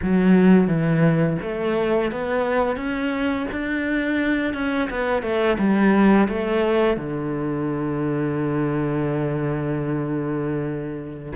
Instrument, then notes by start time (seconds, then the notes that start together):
cello
0.02 F#3
0.67 E3
1.41 A3
2.11 B3
2.76 C#4
3.51 D4
4.53 C#4
4.90 B3
5.22 A3
5.58 G3
6.28 A3
6.96 D3